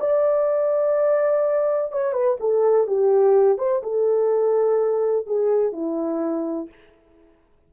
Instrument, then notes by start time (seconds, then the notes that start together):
horn
0.00 D5
1.92 C#5
2.13 B4
2.40 A4
2.87 G4
3.58 C5
3.83 A4
5.26 G#4
5.73 E4